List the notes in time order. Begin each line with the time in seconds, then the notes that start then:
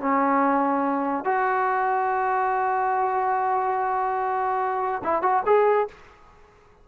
0.00 C#4
1.25 F#4
5.04 E4
5.22 F#4
5.46 G#4